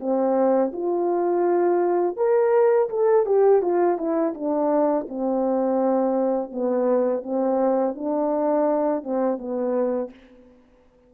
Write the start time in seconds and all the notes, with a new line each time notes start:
0.00 C4
0.74 F4
2.17 A#4
2.90 A4
3.26 G4
3.62 F4
3.98 E4
4.35 D4
5.09 C4
6.52 B3
7.24 C4
7.96 D4
9.04 C4
9.38 B3